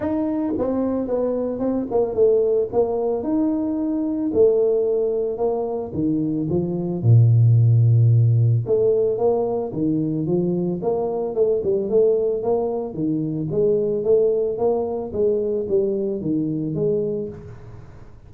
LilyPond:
\new Staff \with { instrumentName = "tuba" } { \time 4/4 \tempo 4 = 111 dis'4 c'4 b4 c'8 ais8 | a4 ais4 dis'2 | a2 ais4 dis4 | f4 ais,2. |
a4 ais4 dis4 f4 | ais4 a8 g8 a4 ais4 | dis4 gis4 a4 ais4 | gis4 g4 dis4 gis4 | }